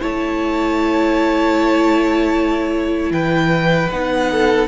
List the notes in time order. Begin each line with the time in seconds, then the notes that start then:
0.00 A3 E4 C#5 A5
3.10 E3 B4 G5
3.90 B3 D#4 F#5
4.31 A4